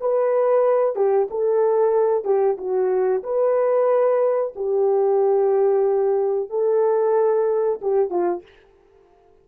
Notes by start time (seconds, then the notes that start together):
0.00 B4
0.95 G4
1.30 A4
2.24 G4
2.58 F#4
3.23 B4
4.56 G4
6.50 A4
7.81 G4
8.10 F4